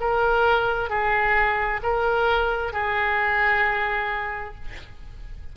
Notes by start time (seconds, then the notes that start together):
0.00 A#4
0.90 G#4
1.83 A#4
2.73 G#4